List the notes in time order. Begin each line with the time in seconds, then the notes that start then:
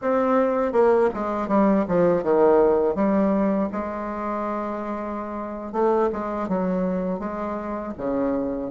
0.01 C4
0.72 A#3
1.13 G#3
1.48 G3
1.88 F3
2.23 D#3
2.95 G3
3.71 G#3
5.72 A3
6.12 G#3
6.48 F#3
7.19 G#3
7.97 C#3